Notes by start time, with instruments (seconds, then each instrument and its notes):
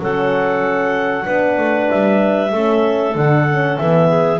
0.00 double bass F#3, horn C#4, clarinet A4 F#5
1.25 double bass B3, horn D4, clarinet B4
1.58 double bass A3
1.90 double bass G3, clarinet E5
2.52 double bass A3, horn C#4, clarinet A4
3.15 double bass D3, horn D4, clarinet F#5
3.49 horn C#4
3.77 double bass E3, horn B3, clarinet E5
4.09 clarinet G#4